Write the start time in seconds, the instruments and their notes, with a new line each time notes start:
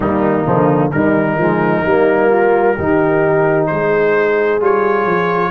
0.00 tuba D#3, trombone G3, horn A#3, trumpet D#4
0.45 tuba D3, trombone F3
0.91 tuba D#3, trombone G3, horn D#4, trumpet A#4
1.37 tuba F3, trombone G#3
1.85 tuba G3, trombone A#3
2.29 horn F4
2.76 tuba D#3, trombone D#4, horn G4
3.66 tuba G#3, horn G#4, trumpet C5
4.60 tuba G3, trombone F4, trumpet C#5
5.05 tuba F3